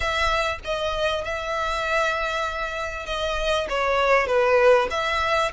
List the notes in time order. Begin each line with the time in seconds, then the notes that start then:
0.00 E5
0.64 D#5
1.24 E5
3.06 D#5
3.69 C#5
4.26 B4
4.90 E5